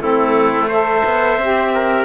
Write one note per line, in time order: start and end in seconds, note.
0.00 1.02 A3
0.00 0.70 C4
0.00 0.68 E4
0.00 0.68 A4
0.68 1.41 A4
0.68 1.71 C5
0.68 2.05 E5
1.05 1.38 B3
1.38 2.05 C4
1.38 2.05 G4
1.74 2.05 A#4